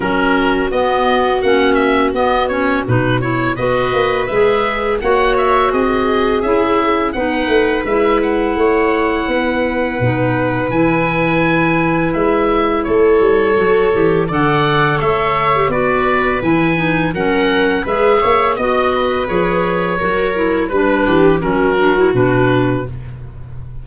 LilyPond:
<<
  \new Staff \with { instrumentName = "oboe" } { \time 4/4 \tempo 4 = 84 ais'4 dis''4 fis''8 e''8 dis''8 cis''8 | b'8 cis''8 dis''4 e''4 fis''8 e''8 | dis''4 e''4 fis''4 e''8 fis''8~ | fis''2. gis''4~ |
gis''4 e''4 cis''2 | fis''4 e''4 d''4 gis''4 | fis''4 e''4 dis''4 cis''4~ | cis''4 b'4 ais'4 b'4 | }
  \new Staff \with { instrumentName = "viola" } { \time 4/4 fis'1~ | fis'4 b'2 cis''4 | gis'2 b'2 | cis''4 b'2.~ |
b'2 a'2 | d''4 cis''4 b'2 | ais'4 b'8 cis''8 dis''8 b'4. | ais'4 b'8 g'8 fis'2 | }
  \new Staff \with { instrumentName = "clarinet" } { \time 4/4 cis'4 b4 cis'4 b8 cis'8 | dis'8 e'8 fis'4 gis'4 fis'4~ | fis'4 e'4 dis'4 e'4~ | e'2 dis'4 e'4~ |
e'2. fis'8 g'8 | a'4.~ a'16 g'16 fis'4 e'8 dis'8 | cis'4 gis'4 fis'4 gis'4 | fis'8 e'8 d'4 cis'8 d'16 e'16 d'4 | }
  \new Staff \with { instrumentName = "tuba" } { \time 4/4 fis4 b4 ais4 b4 | b,4 b8 ais8 gis4 ais4 | c'4 cis'4 b8 a8 gis4 | a4 b4 b,4 e4~ |
e4 gis4 a8 g8 fis8 e8 | d4 a4 b4 e4 | fis4 gis8 ais8 b4 f4 | fis4 g8 e8 fis4 b,4 | }
>>